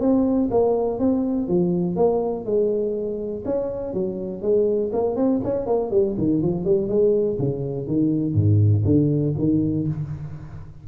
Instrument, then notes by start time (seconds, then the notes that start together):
tuba
0.00 C4
0.51 A#3
0.99 C4
1.48 F3
1.96 A#3
2.45 G#3
3.45 C#4
3.94 F#3
4.42 G#3
4.93 A#3
5.16 C4
5.44 C#4
5.66 A#3
5.91 G3
6.18 D#3
6.42 F3
6.65 G3
6.89 G#3
7.39 C#3
7.87 D#3
8.34 G#2
8.85 D3
9.38 D#3